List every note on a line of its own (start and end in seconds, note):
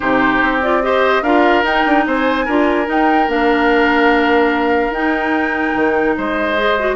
0.00 0.42 C3
0.00 0.61 D#4
0.00 0.82 G4
0.00 0.57 C5
0.42 1.22 C4
0.62 0.82 F4
0.62 0.82 D5
0.82 1.23 G4
0.82 1.22 C5
0.82 1.23 D#5
1.22 1.63 D4
1.22 1.64 F4
1.22 2.05 A#4
1.22 1.64 F5
1.63 1.83 D#4
1.63 2.46 D#4
1.63 2.06 G5
1.86 2.06 D4
2.06 2.47 C4
2.06 2.45 C5
2.06 2.89 G#5
2.45 2.88 D4
2.45 2.85 F4
2.45 6.15 A#4
2.85 3.26 D#4
2.85 3.27 D#4
2.85 3.30 G5
3.27 4.89 A#3
3.27 4.92 D4
3.27 4.93 F5
4.89 5.72 D#4
4.89 6.57 D#4
4.89 6.16 G5
5.74 6.16 D#3
6.17 6.95 G#3
6.17 6.95 C5
6.17 6.95 D#5
6.57 6.77 G#4
6.78 6.95 F#4